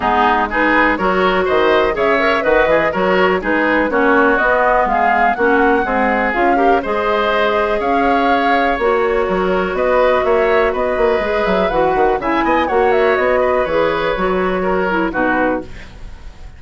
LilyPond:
<<
  \new Staff \with { instrumentName = "flute" } { \time 4/4 \tempo 4 = 123 gis'4 b'4 cis''4 dis''4 | e''4 dis''4 cis''4 b'4 | cis''4 dis''4 f''4 fis''4~ | fis''4 f''4 dis''2 |
f''2 cis''2 | dis''4 e''4 dis''4. e''8 | fis''4 gis''4 fis''8 e''8 dis''4 | cis''2. b'4 | }
  \new Staff \with { instrumentName = "oboe" } { \time 4/4 dis'4 gis'4 ais'4 c''4 | cis''4 fis'8 gis'8 ais'4 gis'4 | fis'2 gis'4 fis'4 | gis'4. ais'8 c''2 |
cis''2. ais'4 | b'4 cis''4 b'2~ | b'4 e''8 dis''8 cis''4. b'8~ | b'2 ais'4 fis'4 | }
  \new Staff \with { instrumentName = "clarinet" } { \time 4/4 b4 dis'4 fis'2 | gis'8 ais'8 b'4 fis'4 dis'4 | cis'4 b2 cis'4 | gis4 f'8 g'8 gis'2~ |
gis'2 fis'2~ | fis'2. gis'4 | fis'4 e'4 fis'2 | gis'4 fis'4. e'8 dis'4 | }
  \new Staff \with { instrumentName = "bassoon" } { \time 4/4 gis2 fis4 dis4 | cis4 dis8 e8 fis4 gis4 | ais4 b4 gis4 ais4 | c'4 cis'4 gis2 |
cis'2 ais4 fis4 | b4 ais4 b8 ais8 gis8 fis8 | e8 dis8 cis8 b8 ais4 b4 | e4 fis2 b,4 | }
>>